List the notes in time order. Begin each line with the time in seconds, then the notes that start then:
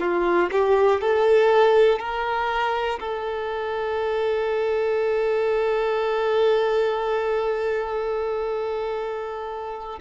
0.00 F4
0.52 G4
1.01 A4
2.00 A#4
3.00 A4